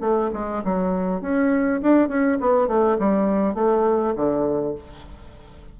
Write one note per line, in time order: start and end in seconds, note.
0.00 0.30 A3
0.33 0.63 G#3
0.64 1.21 F#3
1.21 1.80 C#4
1.82 2.08 D4
2.08 2.38 C#4
2.40 2.67 B3
2.67 2.97 A3
2.99 3.54 G3
3.54 4.14 A3
4.15 4.75 D3